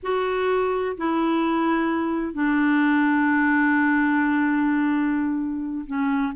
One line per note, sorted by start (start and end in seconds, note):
0.02 0.96 F#4
0.97 2.33 E4
2.33 5.85 D4
5.86 6.33 C#4